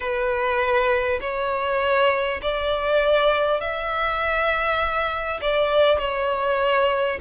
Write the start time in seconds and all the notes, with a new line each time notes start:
0.00 B4
1.20 C#5
2.42 D5
3.60 E5
5.41 D5
5.98 C#5